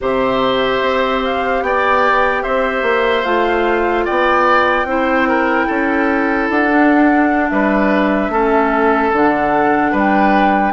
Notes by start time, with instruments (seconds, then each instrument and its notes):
0.00 bassoon C3, clarinet G4, oboe C5, flute E5
0.81 bassoon C4
1.24 flute F5
1.62 bassoon B3, oboe D5, flute G5
2.43 bassoon C4, oboe C5, flute E5
2.82 bassoon A#3
3.24 bassoon A3, clarinet F4, flute F5
4.04 bassoon B3, oboe D5, flute G5
4.84 bassoon C4, clarinet E4, oboe C5
5.28 oboe A#4
5.66 bassoon C#4, oboe A4
6.49 bassoon D4, flute F#5
6.69 clarinet D4
7.49 bassoon G3, oboe B4, flute E5
8.29 bassoon A3, clarinet C#4, oboe A4
9.12 bassoon D3, clarinet D4, flute F#5
9.91 bassoon G3, oboe B4
9.97 flute G5